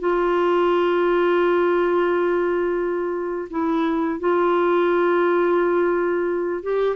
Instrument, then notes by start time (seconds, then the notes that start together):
clarinet
0.00 F4
3.50 E4
4.20 F4
6.63 G4